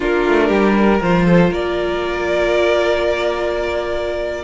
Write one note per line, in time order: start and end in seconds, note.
0.00 0.27 A#3
0.00 1.01 D4
0.00 0.47 F4
0.00 1.02 A#4
0.27 0.49 A3
0.47 1.00 G3
0.47 0.73 G4
0.78 1.25 A#4
1.01 1.50 F3
1.01 4.44 F4
1.01 1.53 C5
1.25 1.50 A4
1.50 4.43 A#3
1.50 4.42 A#4
1.50 4.44 D5